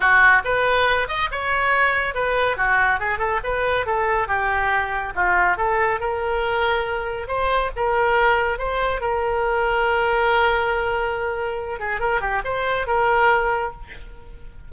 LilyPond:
\new Staff \with { instrumentName = "oboe" } { \time 4/4 \tempo 4 = 140 fis'4 b'4. dis''8 cis''4~ | cis''4 b'4 fis'4 gis'8 a'8 | b'4 a'4 g'2 | f'4 a'4 ais'2~ |
ais'4 c''4 ais'2 | c''4 ais'2.~ | ais'2.~ ais'8 gis'8 | ais'8 g'8 c''4 ais'2 | }